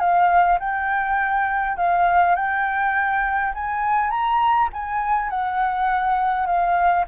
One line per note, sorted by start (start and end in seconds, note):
0.00 0.59 F5
0.60 1.77 G5
1.77 2.36 F5
2.36 3.53 G5
3.55 4.11 G#5
4.11 4.70 A#5
4.73 5.30 G#5
5.30 6.47 F#5
6.47 7.05 F5